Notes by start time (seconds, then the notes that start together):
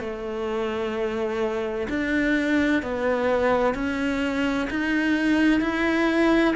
0.00 A3
1.89 D4
2.82 B3
3.75 C#4
4.70 D#4
5.61 E4